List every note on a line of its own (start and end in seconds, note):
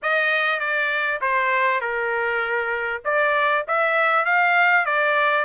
0.02 0.59 D#5
0.59 1.20 D5
1.21 1.80 C5
1.80 3.02 A#4
3.04 3.65 D5
3.67 4.25 E5
4.25 4.85 F5
4.85 5.44 D5